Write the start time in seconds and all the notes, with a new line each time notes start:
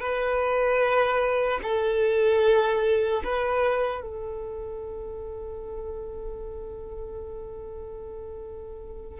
0.00 B4
1.63 A4
3.24 B4
4.01 A4